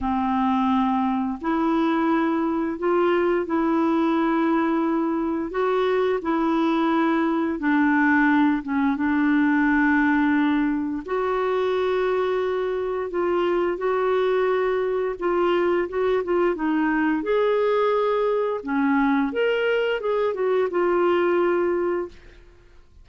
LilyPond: \new Staff \with { instrumentName = "clarinet" } { \time 4/4 \tempo 4 = 87 c'2 e'2 | f'4 e'2. | fis'4 e'2 d'4~ | d'8 cis'8 d'2. |
fis'2. f'4 | fis'2 f'4 fis'8 f'8 | dis'4 gis'2 cis'4 | ais'4 gis'8 fis'8 f'2 | }